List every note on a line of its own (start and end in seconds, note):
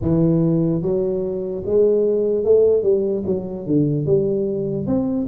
0.01 0.82 E3
0.82 1.63 F#3
1.65 2.44 G#3
2.44 2.82 A3
2.82 3.23 G3
3.26 3.66 F#3
3.66 4.05 D3
4.05 4.86 G3
4.86 5.27 C4